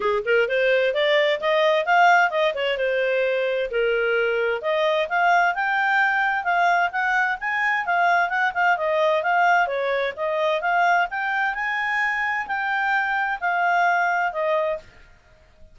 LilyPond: \new Staff \with { instrumentName = "clarinet" } { \time 4/4 \tempo 4 = 130 gis'8 ais'8 c''4 d''4 dis''4 | f''4 dis''8 cis''8 c''2 | ais'2 dis''4 f''4 | g''2 f''4 fis''4 |
gis''4 f''4 fis''8 f''8 dis''4 | f''4 cis''4 dis''4 f''4 | g''4 gis''2 g''4~ | g''4 f''2 dis''4 | }